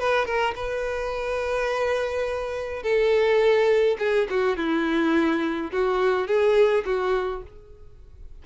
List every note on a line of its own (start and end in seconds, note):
0.00 0.26 B4
0.26 0.54 A#4
0.56 2.83 B4
2.83 3.97 A4
3.99 4.28 G#4
4.30 4.57 F#4
4.57 5.71 E4
5.72 6.27 F#4
6.27 6.84 G#4
6.85 7.43 F#4